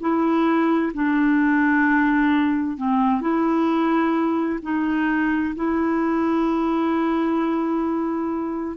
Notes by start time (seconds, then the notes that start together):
0.00 E4
0.94 D4
2.77 C4
3.21 E4
4.62 D#4
5.55 E4